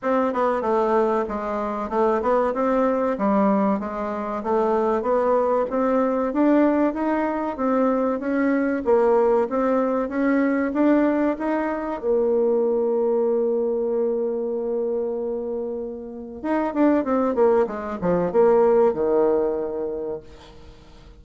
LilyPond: \new Staff \with { instrumentName = "bassoon" } { \time 4/4 \tempo 4 = 95 c'8 b8 a4 gis4 a8 b8 | c'4 g4 gis4 a4 | b4 c'4 d'4 dis'4 | c'4 cis'4 ais4 c'4 |
cis'4 d'4 dis'4 ais4~ | ais1~ | ais2 dis'8 d'8 c'8 ais8 | gis8 f8 ais4 dis2 | }